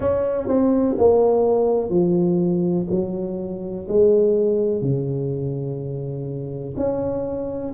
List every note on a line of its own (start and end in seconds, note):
0.00 0.47 C#4
0.47 0.95 C4
0.98 1.89 A#3
1.89 2.86 F3
2.90 3.87 F#3
3.88 4.81 G#3
4.81 6.75 C#3
6.76 7.73 C#4